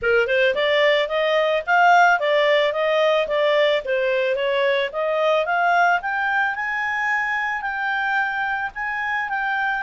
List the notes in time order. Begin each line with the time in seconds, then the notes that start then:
0.01 A#4
0.27 C5
0.54 D5
1.08 D#5
1.66 F5
2.19 D5
2.72 D#5
3.27 D5
3.84 C5
4.35 C#5
4.92 D#5
5.45 F5
6.01 G5
6.55 G#5
7.61 G5
8.74 G#5
9.29 G5